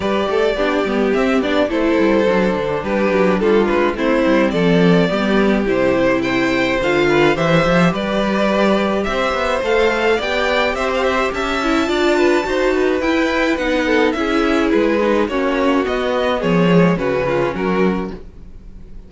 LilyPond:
<<
  \new Staff \with { instrumentName = "violin" } { \time 4/4 \tempo 4 = 106 d''2 e''8 d''8 c''4~ | c''4 b'4 a'8 b'8 c''4 | d''2 c''4 g''4 | f''4 e''4 d''2 |
e''4 f''4 g''4 e''16 f''16 e''8 | a''2. g''4 | fis''4 e''4 b'4 cis''4 | dis''4 cis''4 b'4 ais'4 | }
  \new Staff \with { instrumentName = "violin" } { \time 4/4 b'8 a'8 g'2 a'4~ | a'4 g'4 f'4 e'4 | a'4 g'2 c''4~ | c''8 b'8 c''4 b'2 |
c''2 d''4 c''4 | e''4 d''8 b'8 c''8 b'4.~ | b'8 a'8 gis'2 fis'4~ | fis'4 gis'4 fis'8 f'8 fis'4 | }
  \new Staff \with { instrumentName = "viola" } { \time 4/4 g'4 d'8 b8 c'8 d'8 e'4 | d'2. c'4~ | c'4 b4 e'2 | f'4 g'2.~ |
g'4 a'4 g'2~ | g'8 e'8 f'4 fis'4 e'4 | dis'4 e'4. dis'8 cis'4 | b4. gis8 cis'2 | }
  \new Staff \with { instrumentName = "cello" } { \time 4/4 g8 a8 b8 g8 c'8 b8 a8 g8 | fis8 d8 g8 fis8 g8 gis8 a8 g8 | f4 g4 c2 | d4 e8 f8 g2 |
c'8 b8 a4 b4 c'4 | cis'4 d'4 dis'4 e'4 | b4 cis'4 gis4 ais4 | b4 f4 cis4 fis4 | }
>>